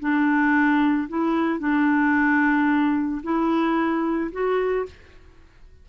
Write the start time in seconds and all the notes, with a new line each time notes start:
0.00 D4
1.09 E4
1.60 D4
3.23 E4
4.32 F#4